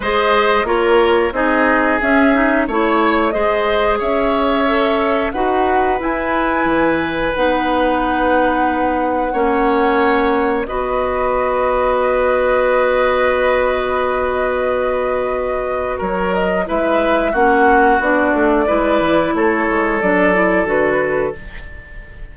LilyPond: <<
  \new Staff \with { instrumentName = "flute" } { \time 4/4 \tempo 4 = 90 dis''4 cis''4 dis''4 e''4 | cis''4 dis''4 e''2 | fis''4 gis''2 fis''4~ | fis''1 |
dis''1~ | dis''1 | cis''8 dis''8 e''4 fis''4 d''4~ | d''4 cis''4 d''4 b'4 | }
  \new Staff \with { instrumentName = "oboe" } { \time 4/4 c''4 ais'4 gis'2 | cis''4 c''4 cis''2 | b'1~ | b'2 cis''2 |
b'1~ | b'1 | ais'4 b'4 fis'2 | b'4 a'2. | }
  \new Staff \with { instrumentName = "clarinet" } { \time 4/4 gis'4 f'4 dis'4 cis'8 dis'8 | e'4 gis'2 a'4 | fis'4 e'2 dis'4~ | dis'2 cis'2 |
fis'1~ | fis'1~ | fis'4 e'4 cis'4 d'4 | e'2 d'8 e'8 fis'4 | }
  \new Staff \with { instrumentName = "bassoon" } { \time 4/4 gis4 ais4 c'4 cis'4 | a4 gis4 cis'2 | dis'4 e'4 e4 b4~ | b2 ais2 |
b1~ | b1 | fis4 gis4 ais4 b8 a8 | gis8 e8 a8 gis8 fis4 d4 | }
>>